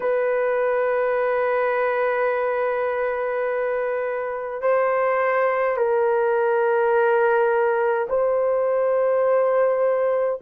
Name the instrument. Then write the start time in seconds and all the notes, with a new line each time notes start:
horn
0.00 B4
4.61 C5
5.76 A#4
8.09 C5